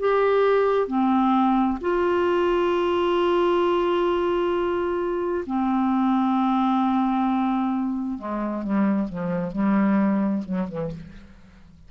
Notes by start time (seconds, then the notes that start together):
0.00 G4
0.88 C4
1.81 F4
5.47 C4
8.19 G#3
8.63 G3
9.09 F3
9.52 G3
10.45 F#3
10.69 E3